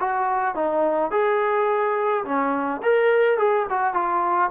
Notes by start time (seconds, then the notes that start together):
0.00 F#4
0.55 D#4
1.11 G#4
2.25 C#4
2.83 A#4
3.38 G#4
3.70 F#4
3.94 F4